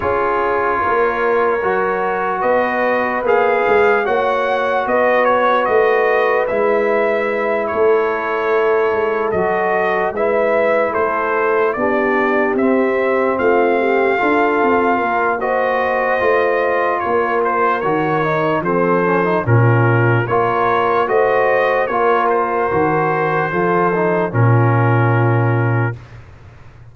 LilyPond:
<<
  \new Staff \with { instrumentName = "trumpet" } { \time 4/4 \tempo 4 = 74 cis''2. dis''4 | f''4 fis''4 dis''8 cis''8 dis''4 | e''4. cis''2 dis''8~ | dis''8 e''4 c''4 d''4 e''8~ |
e''8 f''2~ f''8 dis''4~ | dis''4 cis''8 c''8 cis''4 c''4 | ais'4 cis''4 dis''4 cis''8 c''8~ | c''2 ais'2 | }
  \new Staff \with { instrumentName = "horn" } { \time 4/4 gis'4 ais'2 b'4~ | b'4 cis''4 b'2~ | b'4. a'2~ a'8~ | a'8 b'4 a'4 g'4.~ |
g'8 f'8 g'8 a'4 ais'8 c''4~ | c''4 ais'2 a'4 | f'4 ais'4 c''4 ais'4~ | ais'4 a'4 f'2 | }
  \new Staff \with { instrumentName = "trombone" } { \time 4/4 f'2 fis'2 | gis'4 fis'2. | e'2.~ e'8 fis'8~ | fis'8 e'2 d'4 c'8~ |
c'4. f'4. fis'4 | f'2 fis'8 dis'8 c'8 cis'16 dis'16 | cis'4 f'4 fis'4 f'4 | fis'4 f'8 dis'8 cis'2 | }
  \new Staff \with { instrumentName = "tuba" } { \time 4/4 cis'4 ais4 fis4 b4 | ais8 gis8 ais4 b4 a4 | gis4. a4. gis8 fis8~ | fis8 gis4 a4 b4 c'8~ |
c'8 a4 d'8 c'8 ais4. | a4 ais4 dis4 f4 | ais,4 ais4 a4 ais4 | dis4 f4 ais,2 | }
>>